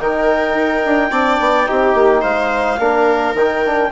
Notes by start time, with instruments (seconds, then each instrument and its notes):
0.00 bassoon D#3, trombone D#4, viola A#4, clarinet G5
0.55 bassoon D#4
0.86 bassoon D4
1.11 bassoon C4, trombone D4, viola D5
1.40 bassoon B3
1.66 bassoon C4, trombone D#4, viola G4
1.94 bassoon A#3
2.22 bassoon G#3, viola C5, clarinet F5
2.79 bassoon A#3, trombone D4, viola A#4
3.34 bassoon D#3, trombone D#4, clarinet G5
3.66 trombone D4